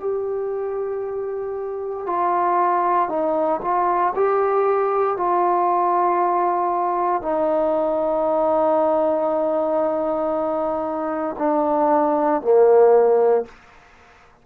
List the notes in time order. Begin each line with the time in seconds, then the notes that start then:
0.00 G4
2.06 F4
3.09 D#4
3.62 F4
4.15 G4
5.17 F4
7.22 D#4
11.38 D4
12.42 A#3